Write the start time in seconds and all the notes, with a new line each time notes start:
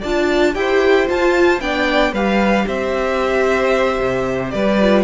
0.00 D4 F4 D5 A5
0.54 E4 G4 C5 G5
1.07 F4 A5
1.60 B3 D4 D5 G5
2.12 G3 G4 B4 F5
2.67 C4 C5 E5
3.99 C3
4.50 G3 B4 D5
4.81 F4